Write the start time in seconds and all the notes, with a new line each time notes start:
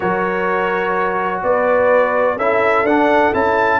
0.00 F#3 F#4 A#4 C#5
1.42 B3 B4 D5
2.36 C#4 E4 A4 E5
2.83 D4 F#5
3.33 C#4 E4 A5